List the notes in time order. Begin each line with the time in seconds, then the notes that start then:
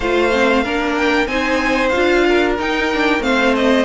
0.00 A3 F4 C5 F5
0.31 C4
0.63 A#3 D4 A#4
0.97 G5
1.26 C4 D#4 C5 G#5
1.89 F4 F5
1.95 D4
2.27 A#4
2.58 D#4 G5
2.94 D4
3.19 A3 C4 C5 F5
3.55 D#5